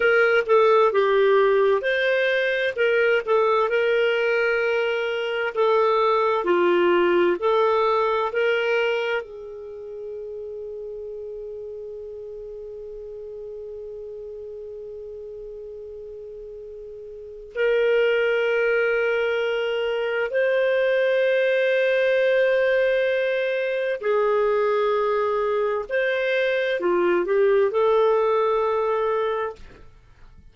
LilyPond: \new Staff \with { instrumentName = "clarinet" } { \time 4/4 \tempo 4 = 65 ais'8 a'8 g'4 c''4 ais'8 a'8 | ais'2 a'4 f'4 | a'4 ais'4 gis'2~ | gis'1~ |
gis'2. ais'4~ | ais'2 c''2~ | c''2 gis'2 | c''4 f'8 g'8 a'2 | }